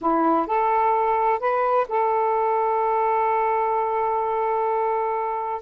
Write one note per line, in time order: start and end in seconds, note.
0.01 0.47 E4
0.47 1.39 A4
1.39 1.86 B4
1.88 5.61 A4